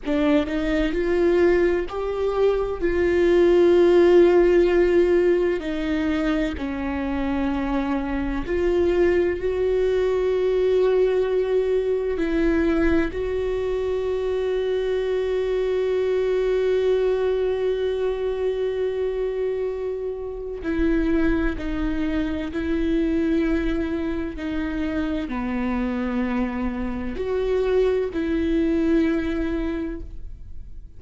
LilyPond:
\new Staff \with { instrumentName = "viola" } { \time 4/4 \tempo 4 = 64 d'8 dis'8 f'4 g'4 f'4~ | f'2 dis'4 cis'4~ | cis'4 f'4 fis'2~ | fis'4 e'4 fis'2~ |
fis'1~ | fis'2 e'4 dis'4 | e'2 dis'4 b4~ | b4 fis'4 e'2 | }